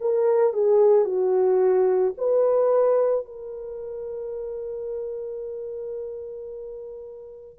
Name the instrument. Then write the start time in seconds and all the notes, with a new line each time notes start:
horn
0.00 A#4
0.53 G#4
1.04 F#4
2.17 B4
3.25 A#4